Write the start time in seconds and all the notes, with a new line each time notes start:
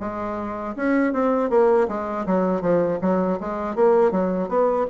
0.00 G#3
0.76 C#4
1.13 C4
1.50 A#3
1.89 G#3
2.26 F#3
2.61 F3
3.02 F#3
3.41 G#3
3.76 A#3
4.11 F#3
4.49 B3